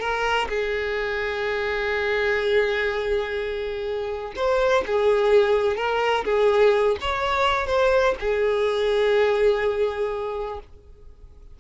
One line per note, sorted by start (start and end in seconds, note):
0.00 0.48 A#4
0.49 4.33 G#4
4.36 4.84 C5
4.86 5.77 G#4
5.77 6.25 A#4
6.25 6.97 G#4
7.01 7.67 C#5
7.67 8.15 C5
8.20 10.60 G#4